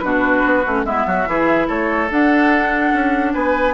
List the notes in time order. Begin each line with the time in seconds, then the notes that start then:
0.00 B2 D4 F#4 B4
0.45 B3
0.66 A3 C#4
0.85 G#3 B3 E4 E5
1.06 F#3 F#4
1.26 E3 E4 G#4
1.67 A3 A4 C#5
2.10 D4 F#5
2.93 C#4
3.34 B3 B4 G#5